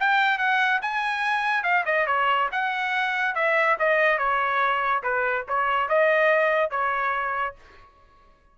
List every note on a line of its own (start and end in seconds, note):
0.00 0.38 G5
0.38 0.81 F#5
0.82 1.63 G#5
1.63 1.85 F5
1.86 2.07 D#5
2.07 2.49 C#5
2.52 3.35 F#5
3.35 3.77 E5
3.79 4.18 D#5
4.18 5.03 C#5
5.03 5.46 B4
5.48 5.89 C#5
5.89 6.71 D#5
6.71 7.55 C#5